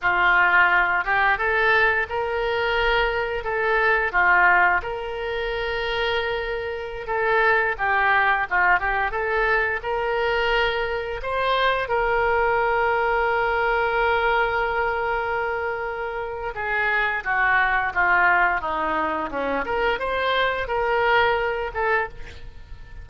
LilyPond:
\new Staff \with { instrumentName = "oboe" } { \time 4/4 \tempo 4 = 87 f'4. g'8 a'4 ais'4~ | ais'4 a'4 f'4 ais'4~ | ais'2~ ais'16 a'4 g'8.~ | g'16 f'8 g'8 a'4 ais'4.~ ais'16~ |
ais'16 c''4 ais'2~ ais'8.~ | ais'1 | gis'4 fis'4 f'4 dis'4 | cis'8 ais'8 c''4 ais'4. a'8 | }